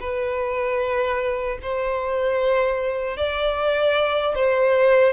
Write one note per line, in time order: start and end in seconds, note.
0.00 1.58 B4
1.62 3.17 C5
3.17 4.35 D5
4.35 5.13 C5